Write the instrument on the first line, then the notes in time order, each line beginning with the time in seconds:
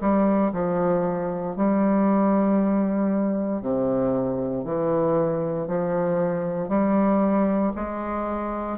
bassoon
0.00 G3
0.52 F3
1.56 G3
3.62 C3
4.64 E3
5.67 F3
6.68 G3
7.75 G#3